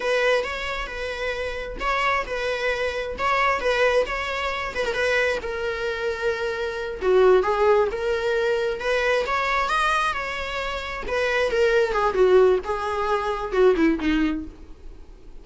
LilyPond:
\new Staff \with { instrumentName = "viola" } { \time 4/4 \tempo 4 = 133 b'4 cis''4 b'2 | cis''4 b'2 cis''4 | b'4 cis''4. b'16 ais'16 b'4 | ais'2.~ ais'8 fis'8~ |
fis'8 gis'4 ais'2 b'8~ | b'8 cis''4 dis''4 cis''4.~ | cis''8 b'4 ais'4 gis'8 fis'4 | gis'2 fis'8 e'8 dis'4 | }